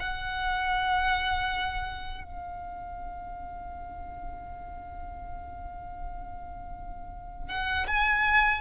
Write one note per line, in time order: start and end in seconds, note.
0.00 2.24 F#5
2.24 7.49 F5
7.49 7.86 F#5
7.88 8.61 G#5